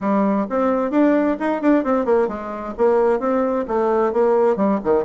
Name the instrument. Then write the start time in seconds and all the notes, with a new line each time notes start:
bassoon
0.00 G3
0.49 C4
0.91 D4
1.39 D#4
1.61 D4
1.84 C4
2.05 A#3
2.28 G#3
2.77 A#3
3.19 C4
3.67 A3
4.12 A#3
4.56 G3
4.84 D#3